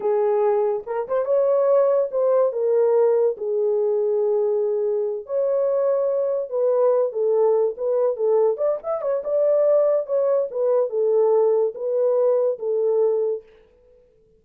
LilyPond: \new Staff \with { instrumentName = "horn" } { \time 4/4 \tempo 4 = 143 gis'2 ais'8 c''8 cis''4~ | cis''4 c''4 ais'2 | gis'1~ | gis'8 cis''2. b'8~ |
b'4 a'4. b'4 a'8~ | a'8 d''8 e''8 cis''8 d''2 | cis''4 b'4 a'2 | b'2 a'2 | }